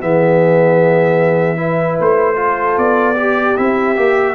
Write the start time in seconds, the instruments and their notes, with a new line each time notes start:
0.00 tuba E3, trombone B3, horn G#4, trumpet E5
1.57 trombone E4, horn B4
2.00 tuba A3, trumpet C5
2.36 trombone F4, horn A4
2.78 tuba B3, trumpet D5
3.16 trombone G4, horn G4
3.57 tuba C4, trombone E4, trumpet E5
3.97 tuba A#3, trombone G4